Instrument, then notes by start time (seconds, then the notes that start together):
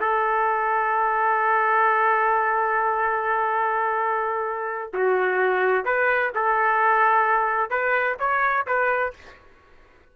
trumpet
0.00 A4
4.93 F#4
5.85 B4
6.35 A4
7.70 B4
8.19 C#5
8.66 B4